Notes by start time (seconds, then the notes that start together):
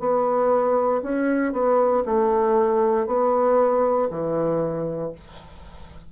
0.00 B3
1.03 C#4
1.53 B3
2.06 A3
3.06 B3
4.10 E3